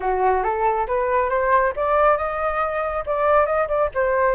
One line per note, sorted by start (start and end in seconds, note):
0.00 0.43 F#4
0.43 0.86 A4
0.87 1.29 B4
1.29 1.73 C5
1.75 2.17 D5
2.17 3.04 D#5
3.06 3.46 D5
3.46 3.67 D#5
3.68 3.89 D5
3.94 4.35 C5